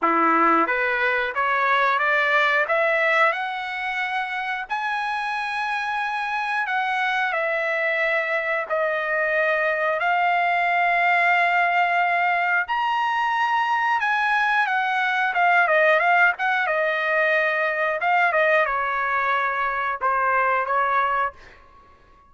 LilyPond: \new Staff \with { instrumentName = "trumpet" } { \time 4/4 \tempo 4 = 90 e'4 b'4 cis''4 d''4 | e''4 fis''2 gis''4~ | gis''2 fis''4 e''4~ | e''4 dis''2 f''4~ |
f''2. ais''4~ | ais''4 gis''4 fis''4 f''8 dis''8 | f''8 fis''8 dis''2 f''8 dis''8 | cis''2 c''4 cis''4 | }